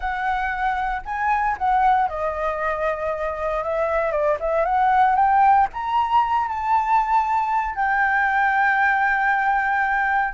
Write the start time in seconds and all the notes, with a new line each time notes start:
0.00 F#5
1.05 G#5
1.58 F#5
2.08 D#5
3.63 E5
4.11 D5
4.40 E5
4.65 F#5
5.15 G5
5.73 A#5
6.47 A5
7.75 G5